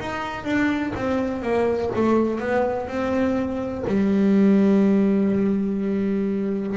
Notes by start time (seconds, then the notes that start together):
0.00 D#4
0.45 D4
0.96 C4
1.43 A#3
1.96 A3
2.40 B3
2.88 C4
3.88 G3